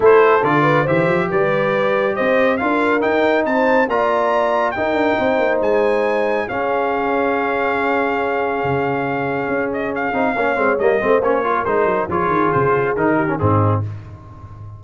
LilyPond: <<
  \new Staff \with { instrumentName = "trumpet" } { \time 4/4 \tempo 4 = 139 c''4 d''4 e''4 d''4~ | d''4 dis''4 f''4 g''4 | a''4 ais''2 g''4~ | g''4 gis''2 f''4~ |
f''1~ | f''2~ f''8 dis''8 f''4~ | f''4 dis''4 cis''4 c''4 | cis''4 c''4 ais'4 gis'4 | }
  \new Staff \with { instrumentName = "horn" } { \time 4/4 a'4. b'8 c''4 b'4~ | b'4 c''4 ais'2 | c''4 d''2 ais'4 | c''2. gis'4~ |
gis'1~ | gis'1 | cis''4. c''4 ais'4. | gis'2~ gis'8 g'8 dis'4 | }
  \new Staff \with { instrumentName = "trombone" } { \time 4/4 e'4 f'4 g'2~ | g'2 f'4 dis'4~ | dis'4 f'2 dis'4~ | dis'2. cis'4~ |
cis'1~ | cis'2.~ cis'8 dis'8 | cis'8 c'8 ais8 c'8 cis'8 f'8 dis'4 | f'2 dis'8. cis'16 c'4 | }
  \new Staff \with { instrumentName = "tuba" } { \time 4/4 a4 d4 e8 f8 g4~ | g4 c'4 d'4 dis'4 | c'4 ais2 dis'8 d'8 | c'8 ais8 gis2 cis'4~ |
cis'1 | cis2 cis'4. c'8 | ais8 gis8 g8 a8 ais4 gis8 fis8 | f8 dis8 cis4 dis4 gis,4 | }
>>